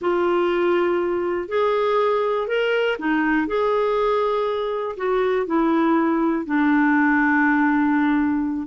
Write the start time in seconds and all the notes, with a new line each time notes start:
0.01 F4
1.48 G#4
2.47 A#4
2.98 D#4
3.47 G#4
4.97 F#4
5.46 E4
6.45 D4